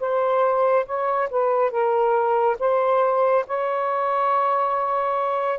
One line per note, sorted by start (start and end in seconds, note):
0.00 0.86 C5
0.86 1.29 C#5
1.31 1.71 B4
1.71 2.57 A#4
2.59 3.45 C5
3.47 5.59 C#5